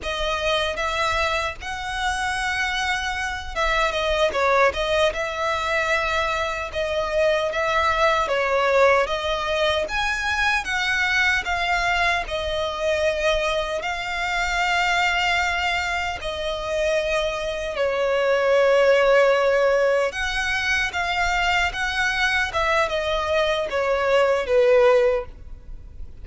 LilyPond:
\new Staff \with { instrumentName = "violin" } { \time 4/4 \tempo 4 = 76 dis''4 e''4 fis''2~ | fis''8 e''8 dis''8 cis''8 dis''8 e''4.~ | e''8 dis''4 e''4 cis''4 dis''8~ | dis''8 gis''4 fis''4 f''4 dis''8~ |
dis''4. f''2~ f''8~ | f''8 dis''2 cis''4.~ | cis''4. fis''4 f''4 fis''8~ | fis''8 e''8 dis''4 cis''4 b'4 | }